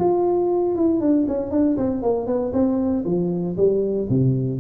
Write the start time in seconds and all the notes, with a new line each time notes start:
0.00 F4
0.76 E4
1.01 D4
1.28 C#4
1.51 D4
1.77 C4
2.03 A#3
2.27 B3
2.53 C4
3.05 F3
3.58 G3
4.10 C3